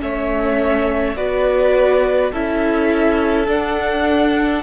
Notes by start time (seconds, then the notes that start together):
0.00 A3 C#4 C#5 E5
1.17 B3 F#4 B4 D5
2.32 C#4 E4 A4 E5
3.48 D4 F#5